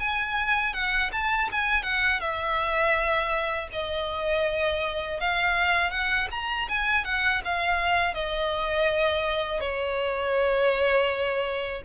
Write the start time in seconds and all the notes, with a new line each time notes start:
0.00 G#5
0.73 F#5
1.12 A5
1.52 G#5
1.83 F#5
2.20 E5
3.72 D#5
5.20 F5
5.91 F#5
6.31 A#5
6.68 G#5
7.04 F#5
7.44 F5
8.14 D#5
9.60 C#5